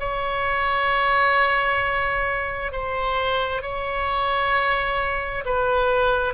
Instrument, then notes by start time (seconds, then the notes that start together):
oboe
0.00 C#5
2.72 C5
3.62 C#5
5.45 B4